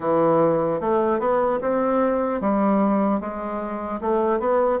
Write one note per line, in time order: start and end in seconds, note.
0.00 0.80 E3
0.80 1.19 A3
1.19 1.59 B3
1.61 2.40 C4
2.40 3.20 G3
3.20 4.00 G#3
4.00 4.39 A3
4.39 4.79 B3